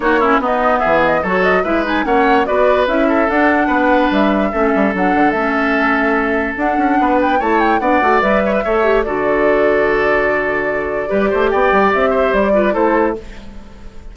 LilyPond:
<<
  \new Staff \with { instrumentName = "flute" } { \time 4/4 \tempo 4 = 146 cis''4 dis''4 e''8 dis''8 cis''8 dis''8 | e''8 gis''8 fis''4 d''4 e''4 | fis''2 e''2 | fis''4 e''2. |
fis''4. g''8 a''8 g''8 fis''4 | e''2 d''2~ | d''1 | g''4 e''4 d''4 c''4 | }
  \new Staff \with { instrumentName = "oboe" } { \time 4/4 fis'8 e'8 dis'4 gis'4 a'4 | b'4 cis''4 b'4. a'8~ | a'4 b'2 a'4~ | a'1~ |
a'4 b'4 cis''4 d''4~ | d''8 cis''16 b'16 cis''4 a'2~ | a'2. b'8 c''8 | d''4. c''4 b'8 a'4 | }
  \new Staff \with { instrumentName = "clarinet" } { \time 4/4 dis'8 cis'8 b2 fis'4 | e'8 dis'8 cis'4 fis'4 e'4 | d'2. cis'4 | d'4 cis'2. |
d'2 e'4 d'8 fis'8 | b'4 a'8 g'8 fis'2~ | fis'2. g'4~ | g'2~ g'8 f'8 e'4 | }
  \new Staff \with { instrumentName = "bassoon" } { \time 4/4 ais4 b4 e4 fis4 | gis4 ais4 b4 cis'4 | d'4 b4 g4 a8 g8 | fis8 d8 a2. |
d'8 cis'8 b4 a4 b8 a8 | g4 a4 d2~ | d2. g8 a8 | b8 g8 c'4 g4 a4 | }
>>